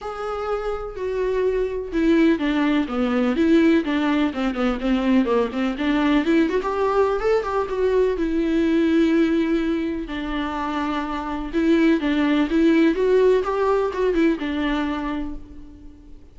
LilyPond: \new Staff \with { instrumentName = "viola" } { \time 4/4 \tempo 4 = 125 gis'2 fis'2 | e'4 d'4 b4 e'4 | d'4 c'8 b8 c'4 ais8 c'8 | d'4 e'8 fis'16 g'4~ g'16 a'8 g'8 |
fis'4 e'2.~ | e'4 d'2. | e'4 d'4 e'4 fis'4 | g'4 fis'8 e'8 d'2 | }